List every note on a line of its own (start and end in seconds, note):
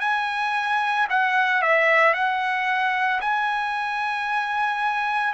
0.00 1.07 G#5
1.10 1.62 F#5
1.62 2.13 E5
2.13 3.20 F#5
3.21 5.33 G#5